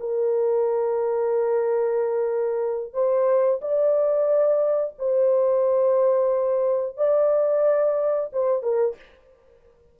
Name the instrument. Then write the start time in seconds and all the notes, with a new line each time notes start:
horn
0.00 A#4
2.93 C5
3.62 D5
4.98 C5
6.97 D5
8.32 C5
8.62 A#4